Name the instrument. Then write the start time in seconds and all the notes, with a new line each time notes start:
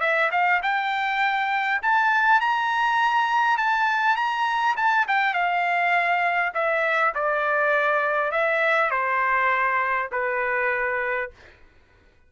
trumpet
0.00 E5
0.31 F5
0.62 G5
1.82 A5
2.41 A#5
3.58 A5
4.16 A#5
4.76 A5
5.08 G5
5.34 F5
6.54 E5
7.14 D5
8.31 E5
8.91 C5
10.12 B4